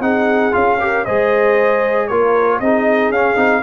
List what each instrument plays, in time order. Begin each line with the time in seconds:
0.00 tuba C4, trombone D#4, horn G#4, trumpet F#5
0.51 tuba C#4, trombone F4, trumpet F5
0.80 trombone G4, horn A#4
1.05 tuba G#3, trombone G#4, horn C5, trumpet D#5
2.07 tuba A#3, trombone F4, horn A#4, trumpet C#5
2.60 tuba C4, trombone D#4, horn G#4, trumpet D#5
3.09 tuba C#4, trombone C#4, trumpet F5
3.35 tuba C4, trombone D#4